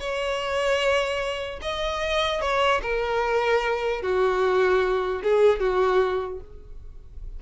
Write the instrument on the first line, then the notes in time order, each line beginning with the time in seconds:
violin
0.00 C#5
1.62 D#5
2.41 C#5
2.83 A#4
4.03 F#4
5.23 G#4
5.60 F#4